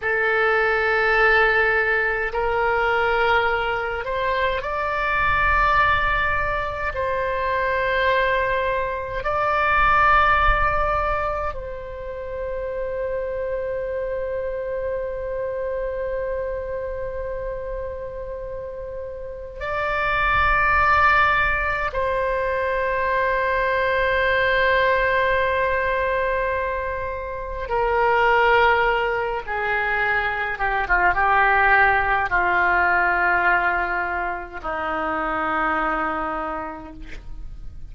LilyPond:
\new Staff \with { instrumentName = "oboe" } { \time 4/4 \tempo 4 = 52 a'2 ais'4. c''8 | d''2 c''2 | d''2 c''2~ | c''1~ |
c''4 d''2 c''4~ | c''1 | ais'4. gis'4 g'16 f'16 g'4 | f'2 dis'2 | }